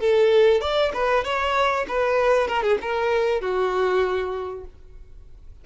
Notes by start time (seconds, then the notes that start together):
0.00 A4
0.61 D5
0.94 B4
1.24 C#5
1.88 B4
2.48 A#4
2.63 G#4
2.81 A#4
3.41 F#4